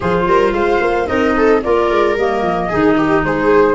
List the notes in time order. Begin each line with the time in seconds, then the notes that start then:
0.00 F3 F4 G#4 C5
0.26 G3 A#4
0.52 G#3 C5 F5
0.81 A#3
1.06 C4 D#4 A#4 D#5
1.36 A4
1.62 A#3 F4 A#4 D5
1.90 G#3
2.16 G3 A#3 D#5
2.42 F3
2.69 D#3 D#4 G#4
2.97 G4
3.23 G#3 G#4 C5